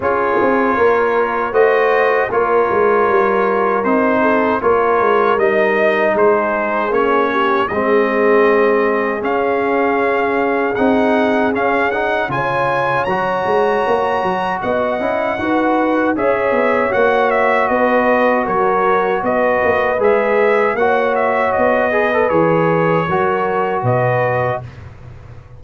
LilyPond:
<<
  \new Staff \with { instrumentName = "trumpet" } { \time 4/4 \tempo 4 = 78 cis''2 dis''4 cis''4~ | cis''4 c''4 cis''4 dis''4 | c''4 cis''4 dis''2 | f''2 fis''4 f''8 fis''8 |
gis''4 ais''2 fis''4~ | fis''4 e''4 fis''8 e''8 dis''4 | cis''4 dis''4 e''4 fis''8 e''8 | dis''4 cis''2 dis''4 | }
  \new Staff \with { instrumentName = "horn" } { \time 4/4 gis'4 ais'4 c''4 ais'4~ | ais'4. a'8 ais'2 | gis'4. g'8 gis'2~ | gis'1 |
cis''2. dis''4 | b'4 cis''2 b'4 | ais'4 b'2 cis''4~ | cis''8 b'4. ais'4 b'4 | }
  \new Staff \with { instrumentName = "trombone" } { \time 4/4 f'2 fis'4 f'4~ | f'4 dis'4 f'4 dis'4~ | dis'4 cis'4 c'2 | cis'2 dis'4 cis'8 dis'8 |
f'4 fis'2~ fis'8 e'8 | fis'4 gis'4 fis'2~ | fis'2 gis'4 fis'4~ | fis'8 gis'16 a'16 gis'4 fis'2 | }
  \new Staff \with { instrumentName = "tuba" } { \time 4/4 cis'8 c'8 ais4 a4 ais8 gis8 | g4 c'4 ais8 gis8 g4 | gis4 ais4 gis2 | cis'2 c'4 cis'4 |
cis4 fis8 gis8 ais8 fis8 b8 cis'8 | dis'4 cis'8 b8 ais4 b4 | fis4 b8 ais8 gis4 ais4 | b4 e4 fis4 b,4 | }
>>